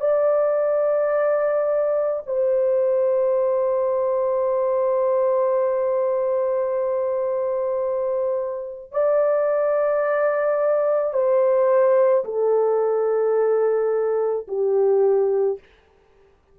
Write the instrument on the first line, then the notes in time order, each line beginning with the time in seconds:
horn
0.00 D5
2.26 C5
8.91 D5
11.13 C5
12.24 A4
14.47 G4